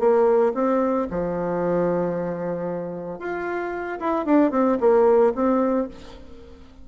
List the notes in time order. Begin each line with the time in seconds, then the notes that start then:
0.00 A#3
0.55 C4
1.11 F3
3.20 F4
4.01 E4
4.26 D4
4.52 C4
4.81 A#3
5.36 C4